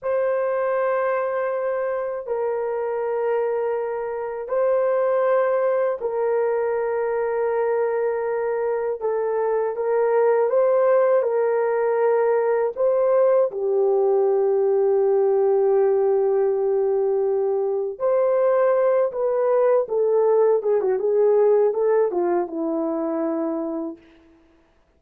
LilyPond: \new Staff \with { instrumentName = "horn" } { \time 4/4 \tempo 4 = 80 c''2. ais'4~ | ais'2 c''2 | ais'1 | a'4 ais'4 c''4 ais'4~ |
ais'4 c''4 g'2~ | g'1 | c''4. b'4 a'4 gis'16 fis'16 | gis'4 a'8 f'8 e'2 | }